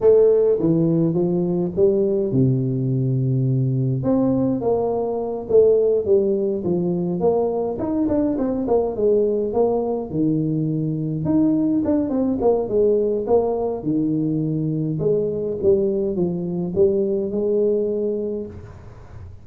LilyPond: \new Staff \with { instrumentName = "tuba" } { \time 4/4 \tempo 4 = 104 a4 e4 f4 g4 | c2. c'4 | ais4. a4 g4 f8~ | f8 ais4 dis'8 d'8 c'8 ais8 gis8~ |
gis8 ais4 dis2 dis'8~ | dis'8 d'8 c'8 ais8 gis4 ais4 | dis2 gis4 g4 | f4 g4 gis2 | }